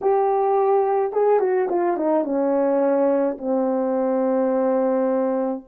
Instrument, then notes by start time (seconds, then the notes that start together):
horn
0.01 G4
1.12 G#4
1.39 F#4
1.69 F4
1.97 D#4
2.24 C#4
3.38 C4